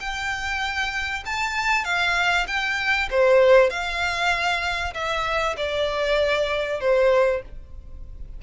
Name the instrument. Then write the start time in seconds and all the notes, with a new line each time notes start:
violin
0.00 G5
1.26 A5
1.85 F5
2.47 G5
3.11 C5
3.70 F5
4.94 E5
5.57 D5
6.80 C5